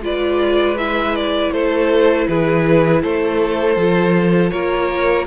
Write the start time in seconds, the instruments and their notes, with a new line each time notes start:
0.00 cello G#3, viola F4, violin B4 D5
0.78 viola E4, violin E5
1.16 violin D5
1.52 cello A3, violin A4 C5
2.27 cello E3, violin G#4 B4
3.02 cello A3, violin A4 C5
3.76 cello F3, viola F4
4.50 cello A#3, violin A#4 C#5